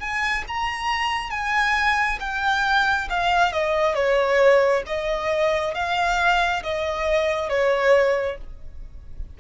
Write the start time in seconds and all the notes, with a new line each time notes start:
0.00 G#5
0.48 A#5
1.31 G#5
2.21 G5
3.10 F5
3.53 D#5
3.95 C#5
4.87 D#5
5.75 F5
6.63 D#5
7.50 C#5